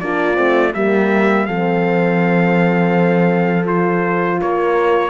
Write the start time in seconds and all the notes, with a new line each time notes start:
0.00 A#3 D4 F4 D5
0.34 A3 C4
0.74 G3 A#3 G4 E5
1.46 F3 C4 A4 F5
3.65 F4 C5
4.41 A#3 A#4 C#5